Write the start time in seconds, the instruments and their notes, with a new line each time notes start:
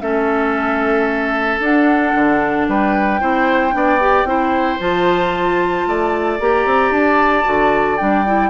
0.00 bassoon A3, clarinet C#4, oboe A4, flute E5
1.59 bassoon D4, clarinet D4, flute F#5
2.14 bassoon D3
2.68 bassoon G3, oboe B4, flute G5
3.20 bassoon C4, clarinet E4, oboe C5
3.72 bassoon B3, clarinet D4, oboe D5
4.00 clarinet G4
4.24 bassoon C4, clarinet E4, oboe C5
4.79 bassoon F3, clarinet F4, flute A5
5.86 bassoon A3, oboe D5
6.39 bassoon A#3, clarinet G4, flute A#5
6.65 bassoon C4
6.90 bassoon D4, flute A5
7.44 bassoon D3, clarinet F#4
7.97 bassoon G3, clarinet D4, flute G5
8.26 clarinet E4